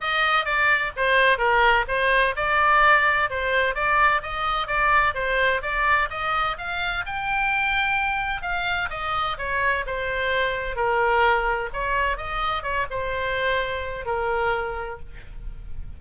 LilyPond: \new Staff \with { instrumentName = "oboe" } { \time 4/4 \tempo 4 = 128 dis''4 d''4 c''4 ais'4 | c''4 d''2 c''4 | d''4 dis''4 d''4 c''4 | d''4 dis''4 f''4 g''4~ |
g''2 f''4 dis''4 | cis''4 c''2 ais'4~ | ais'4 cis''4 dis''4 cis''8 c''8~ | c''2 ais'2 | }